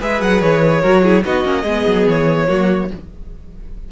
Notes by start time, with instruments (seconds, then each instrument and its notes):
0.00 cello G#3, viola G#4, violin B4 E5
0.22 cello F#3, violin F#5
0.41 cello E3, violin C#5
0.81 cello F#3, viola F#4, violin A#4
1.03 viola E4, violin G#4
1.25 cello B3, viola D#4, violin F#4 D#5
1.45 cello A#3, viola C#4
1.64 cello G#3, viola B3, violin G#4
1.87 cello F#3
2.07 cello E3, violin C#5
2.48 cello F#3, viola A#3, violin F#4